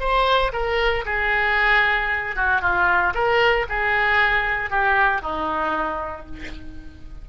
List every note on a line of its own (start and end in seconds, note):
0.00 0.52 C5
0.53 1.05 A#4
1.06 2.36 G#4
2.36 2.62 F#4
2.62 3.14 F4
3.14 3.66 A#4
3.69 4.71 G#4
4.71 5.22 G4
5.22 6.26 D#4